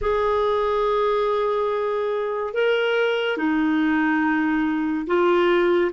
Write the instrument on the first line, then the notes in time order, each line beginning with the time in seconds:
clarinet
0.01 G#4
2.54 A#4
3.37 D#4
5.06 F4